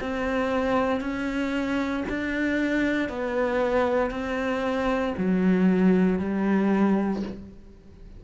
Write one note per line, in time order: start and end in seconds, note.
0.00 1.00 C4
1.00 2.04 C#4
2.08 3.08 D4
3.08 4.11 B3
4.11 5.14 C4
5.17 6.19 F#3
6.19 7.22 G3